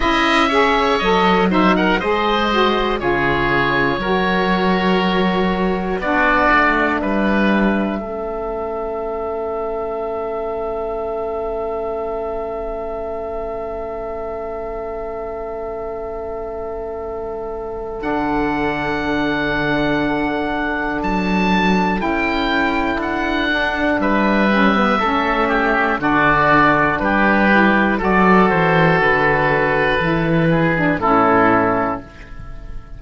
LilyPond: <<
  \new Staff \with { instrumentName = "oboe" } { \time 4/4 \tempo 4 = 60 e''4 dis''8 e''16 fis''16 dis''4 cis''4~ | cis''2 d''4 e''4~ | e''1~ | e''1~ |
e''2 fis''2~ | fis''4 a''4 g''4 fis''4 | e''2 d''4 b'4 | d''8 c''8 b'2 a'4 | }
  \new Staff \with { instrumentName = "oboe" } { \time 4/4 dis''8 cis''4 c''16 ais'16 c''4 gis'4 | ais'2 fis'4 b'4 | a'1~ | a'1~ |
a'1~ | a'1 | b'4 a'8 g'8 fis'4 g'4 | a'2~ a'8 gis'8 e'4 | }
  \new Staff \with { instrumentName = "saxophone" } { \time 4/4 e'8 gis'8 a'8 dis'8 gis'8 fis'8 f'4 | fis'2 d'2 | cis'1~ | cis'1~ |
cis'2 d'2~ | d'2 e'4. d'8~ | d'8 cis'16 b16 cis'4 d'4. e'8 | fis'2 e'8. d'16 cis'4 | }
  \new Staff \with { instrumentName = "cello" } { \time 4/4 cis'4 fis4 gis4 cis4 | fis2 b8 a8 g4 | a1~ | a1~ |
a2 d2~ | d4 fis4 cis'4 d'4 | g4 a4 d4 g4 | fis8 e8 d4 e4 a,4 | }
>>